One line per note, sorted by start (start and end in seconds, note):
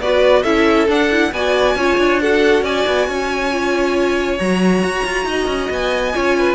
0.00 0.44 B3
0.00 0.45 F#4
0.00 0.43 B4
0.00 0.43 D5
0.43 0.88 C#4
0.43 0.88 E4
0.43 1.30 A4
0.43 0.87 E5
0.88 1.10 D4
0.88 1.32 D4
0.88 1.33 F#5
1.10 1.32 E4
1.32 1.76 B3
1.32 1.78 F#4
1.32 1.77 D5
1.32 2.20 G#5
1.76 1.97 C#4
1.76 2.21 F4
1.76 2.21 C#5
1.98 2.62 D4
2.21 3.51 F#4
2.21 2.64 A4
2.21 2.65 F#5
2.62 2.84 C#4
2.62 3.07 D5
2.62 4.39 G#5
2.87 3.08 B3
3.08 4.39 C#4
3.08 5.27 C#5
3.51 4.39 F4
4.39 4.83 F#3
4.39 6.13 F#4
4.39 5.70 A#5
4.83 5.05 F#4
5.05 5.25 F4
5.25 5.47 D#4
5.25 6.15 D#5
5.47 5.69 C#4
5.70 6.14 B3
5.70 6.55 G#5
6.13 6.55 C#4
6.13 6.55 F4
6.13 6.37 C#5
6.38 6.55 B4